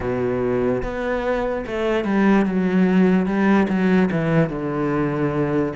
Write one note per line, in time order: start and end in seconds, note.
0.00 0.82 B2
0.83 1.65 B3
1.66 2.04 A3
2.04 2.45 G3
2.45 3.25 F#3
3.25 3.67 G3
3.68 4.09 F#3
4.11 4.49 E3
4.49 5.72 D3